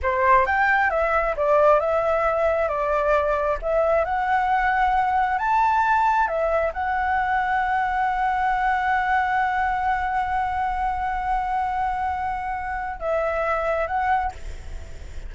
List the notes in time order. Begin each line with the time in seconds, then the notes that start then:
0.02 C5
0.46 G5
0.90 E5
1.36 D5
1.80 E5
2.68 D5
3.61 E5
4.04 F#5
5.38 A5
6.27 E5
6.73 F#5
12.99 E5
13.87 F#5